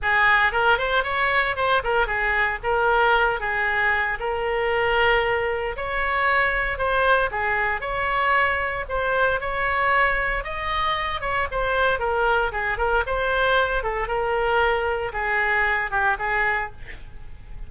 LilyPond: \new Staff \with { instrumentName = "oboe" } { \time 4/4 \tempo 4 = 115 gis'4 ais'8 c''8 cis''4 c''8 ais'8 | gis'4 ais'4. gis'4. | ais'2. cis''4~ | cis''4 c''4 gis'4 cis''4~ |
cis''4 c''4 cis''2 | dis''4. cis''8 c''4 ais'4 | gis'8 ais'8 c''4. a'8 ais'4~ | ais'4 gis'4. g'8 gis'4 | }